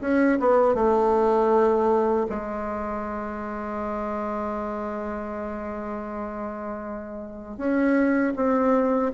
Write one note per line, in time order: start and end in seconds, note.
0.00 0.38 C#4
0.39 0.74 B3
0.74 2.26 A3
2.29 7.57 G#3
7.57 8.33 C#4
8.35 9.11 C4